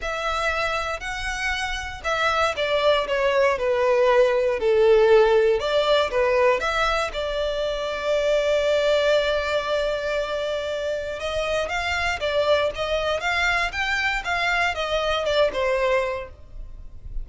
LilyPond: \new Staff \with { instrumentName = "violin" } { \time 4/4 \tempo 4 = 118 e''2 fis''2 | e''4 d''4 cis''4 b'4~ | b'4 a'2 d''4 | b'4 e''4 d''2~ |
d''1~ | d''2 dis''4 f''4 | d''4 dis''4 f''4 g''4 | f''4 dis''4 d''8 c''4. | }